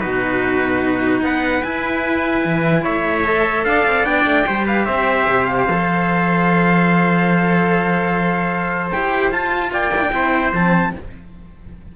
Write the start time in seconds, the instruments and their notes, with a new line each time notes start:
0.00 cello B2 D#4, trumpet F#4 B4
1.22 cello B3, trumpet B4 F#5
1.63 cello E4, trumpet G#5
2.45 cello E3
2.83 cello A3, trumpet C#5 E5
3.25 cello A4
3.65 cello D4, trumpet D5 F5
3.86 cello C4
4.05 cello B3 D4, trumpet G5
4.26 cello A3
4.47 cello G3 G4, trumpet C5
4.66 trumpet B4 F5
4.86 cello C4, trumpet C5 E5
5.28 cello C3
5.46 trumpet F5
5.68 cello F3 A4
8.92 cello E4 G4, trumpet G5
9.32 cello F4, trumpet A5
9.72 cello A#3, trumpet D5 G5
9.97 cello D4 E4
10.13 cello C4 E4, trumpet C5
10.53 cello F3 C4, trumpet A5